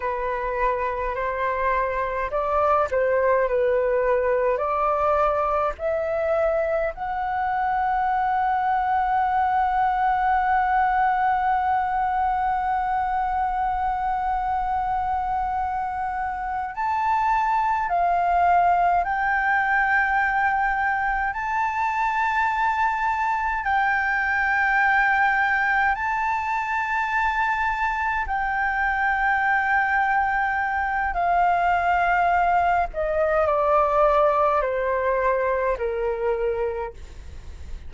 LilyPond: \new Staff \with { instrumentName = "flute" } { \time 4/4 \tempo 4 = 52 b'4 c''4 d''8 c''8 b'4 | d''4 e''4 fis''2~ | fis''1~ | fis''2~ fis''8 a''4 f''8~ |
f''8 g''2 a''4.~ | a''8 g''2 a''4.~ | a''8 g''2~ g''8 f''4~ | f''8 dis''8 d''4 c''4 ais'4 | }